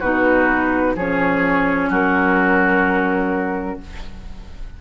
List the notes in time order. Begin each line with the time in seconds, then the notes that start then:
0.00 B2 D#4 F#4 B4
0.96 F3 C#4 G#4 C#5
1.90 F#3 F#4 A#4